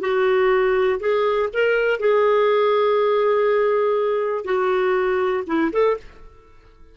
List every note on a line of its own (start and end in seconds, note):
0.00 0.99 F#4
1.00 1.49 G#4
1.53 1.99 A#4
1.99 4.44 G#4
4.44 5.44 F#4
5.46 5.71 E4
5.72 5.97 A4